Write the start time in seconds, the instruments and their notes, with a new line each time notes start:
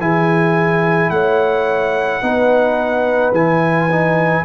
0.00 tuba E3, trombone E4, horn G#4, trumpet G#5
1.10 tuba A3, horn C#5, trumpet F#5
2.22 tuba B3, trombone D#4, horn B4
3.32 tuba E3, trombone E4, trumpet G#5
3.92 trombone D#4